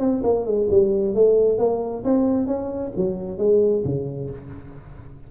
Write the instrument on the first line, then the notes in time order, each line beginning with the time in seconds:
tuba
0.00 C4
0.24 A#3
0.46 G#3
0.71 G3
1.15 A3
1.59 A#3
2.04 C4
2.47 C#4
2.97 F#3
3.38 G#3
3.85 C#3